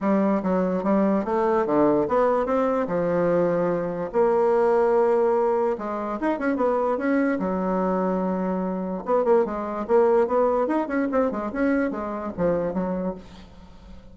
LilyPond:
\new Staff \with { instrumentName = "bassoon" } { \time 4/4 \tempo 4 = 146 g4 fis4 g4 a4 | d4 b4 c'4 f4~ | f2 ais2~ | ais2 gis4 dis'8 cis'8 |
b4 cis'4 fis2~ | fis2 b8 ais8 gis4 | ais4 b4 dis'8 cis'8 c'8 gis8 | cis'4 gis4 f4 fis4 | }